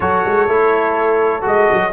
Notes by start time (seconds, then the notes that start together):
0.00 F#3 F#4 A4 C#5
0.25 G#3
0.47 A3 E4
1.41 G#3 F#4 D#5
1.71 F#3